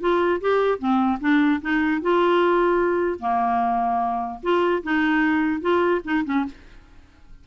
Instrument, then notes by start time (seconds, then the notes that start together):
clarinet
0.00 F4
0.41 G4
0.79 C4
1.21 D4
1.61 D#4
2.02 F4
3.20 A#3
4.43 F4
4.83 D#4
5.61 F4
6.04 D#4
6.25 C#4